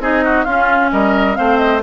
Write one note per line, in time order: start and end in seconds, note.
0.00 0.45 C4
0.00 0.46 D#4
0.00 0.24 G#4
0.00 0.44 D#5
0.24 0.45 F#4
0.44 0.92 C#4
0.44 1.35 C#4
0.44 0.90 F4
0.44 0.89 F5
0.92 1.38 G3
0.92 1.37 A#4
0.92 1.36 D#5
1.35 1.83 A3
1.35 1.81 C4
1.35 1.83 C5
1.35 1.58 F5
1.58 1.80 D#5